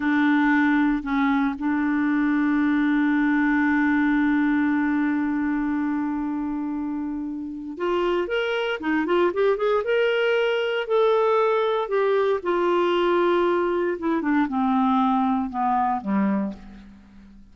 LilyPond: \new Staff \with { instrumentName = "clarinet" } { \time 4/4 \tempo 4 = 116 d'2 cis'4 d'4~ | d'1~ | d'1~ | d'2. f'4 |
ais'4 dis'8 f'8 g'8 gis'8 ais'4~ | ais'4 a'2 g'4 | f'2. e'8 d'8 | c'2 b4 g4 | }